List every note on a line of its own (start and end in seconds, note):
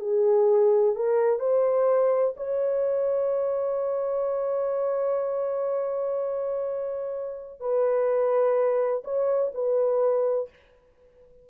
0.00 0.95 G#4
0.95 1.39 A#4
1.39 2.34 C5
2.37 7.60 C#5
7.60 9.03 B4
9.04 9.52 C#5
9.54 10.49 B4